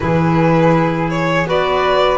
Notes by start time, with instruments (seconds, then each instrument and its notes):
0.00 double bass E3, clarinet E4, flute G#4, violin B4
1.10 violin C#5
1.45 double bass B3, clarinet F#4, flute B4, violin D5